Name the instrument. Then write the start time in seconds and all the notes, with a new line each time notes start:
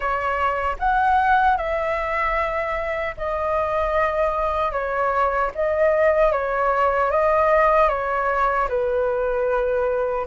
flute
0.00 C#5
0.79 F#5
1.57 E5
3.17 D#5
4.72 C#5
5.54 D#5
6.32 C#5
7.11 D#5
7.88 C#5
8.68 B4